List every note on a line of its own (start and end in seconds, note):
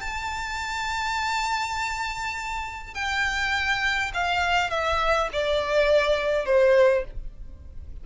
0.00 2.94 A5
2.94 4.11 G5
4.13 4.70 F5
4.70 5.29 E5
5.32 6.45 D5
6.45 7.04 C5